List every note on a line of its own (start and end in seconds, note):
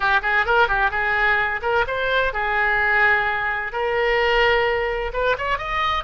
0.00 0.20 G4
0.22 0.45 G#4
0.45 0.68 A#4
0.68 0.90 G4
0.90 1.60 G#4
1.62 1.85 A#4
1.87 2.33 C5
2.33 3.72 G#4
3.72 5.12 A#4
5.13 5.36 B4
5.37 5.58 C#5
5.58 6.04 D#5